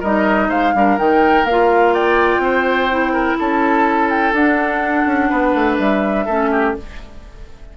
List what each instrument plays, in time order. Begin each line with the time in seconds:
0.00 bassoon G3, clarinet D#4, oboe A#4, flute D#5
0.48 bassoon G#3, oboe C5, flute F5
0.74 bassoon G3, clarinet D4, oboe A#4
0.97 bassoon D#3, clarinet D#4, flute G5
1.44 bassoon A#3, flute F5
1.50 clarinet F4
1.93 oboe D5, flute G5
2.38 bassoon C4, oboe C5
2.90 clarinet E4
3.12 oboe A#4
3.38 bassoon C#4, oboe A4, flute A5
4.09 flute G5
4.32 bassoon D4, clarinet D4, flute F#5
5.06 bassoon C#4
5.29 bassoon B3, oboe B4
5.54 bassoon A3
5.78 bassoon G3, flute E5
6.25 bassoon A3, clarinet C#4, oboe A4
6.51 oboe G4